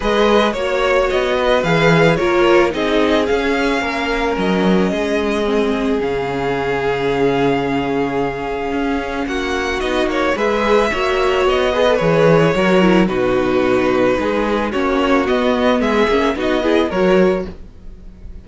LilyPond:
<<
  \new Staff \with { instrumentName = "violin" } { \time 4/4 \tempo 4 = 110 dis''4 cis''4 dis''4 f''4 | cis''4 dis''4 f''2 | dis''2. f''4~ | f''1~ |
f''4 fis''4 dis''8 cis''8 e''4~ | e''4 dis''4 cis''2 | b'2. cis''4 | dis''4 e''4 dis''4 cis''4 | }
  \new Staff \with { instrumentName = "violin" } { \time 4/4 b'4 cis''4. b'4. | ais'4 gis'2 ais'4~ | ais'4 gis'2.~ | gis'1~ |
gis'4 fis'2 b'4 | cis''4. b'4. ais'4 | fis'2 gis'4 fis'4~ | fis'4 gis'4 fis'8 gis'8 ais'4 | }
  \new Staff \with { instrumentName = "viola" } { \time 4/4 gis'4 fis'2 gis'4 | f'4 dis'4 cis'2~ | cis'2 c'4 cis'4~ | cis'1~ |
cis'2 dis'4 gis'4 | fis'4. gis'16 a'16 gis'4 fis'8 e'8 | dis'2. cis'4 | b4. cis'8 dis'8 e'8 fis'4 | }
  \new Staff \with { instrumentName = "cello" } { \time 4/4 gis4 ais4 b4 e4 | ais4 c'4 cis'4 ais4 | fis4 gis2 cis4~ | cis1 |
cis'4 ais4 b8 ais8 gis4 | ais4 b4 e4 fis4 | b,2 gis4 ais4 | b4 gis8 ais8 b4 fis4 | }
>>